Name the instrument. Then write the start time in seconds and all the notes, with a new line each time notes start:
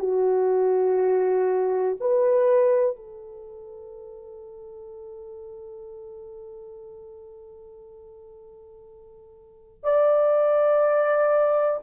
horn
0.00 F#4
2.01 B4
2.96 A4
9.84 D5